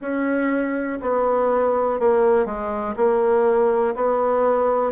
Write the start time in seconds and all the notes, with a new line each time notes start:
0.00 C#4
1.01 B3
1.99 A#3
2.45 G#3
2.96 A#3
3.95 B3